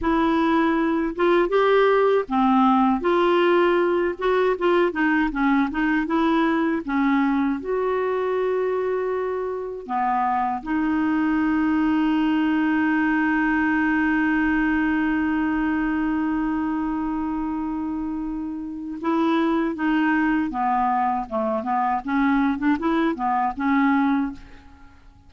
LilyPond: \new Staff \with { instrumentName = "clarinet" } { \time 4/4 \tempo 4 = 79 e'4. f'8 g'4 c'4 | f'4. fis'8 f'8 dis'8 cis'8 dis'8 | e'4 cis'4 fis'2~ | fis'4 b4 dis'2~ |
dis'1~ | dis'1~ | dis'4 e'4 dis'4 b4 | a8 b8 cis'8. d'16 e'8 b8 cis'4 | }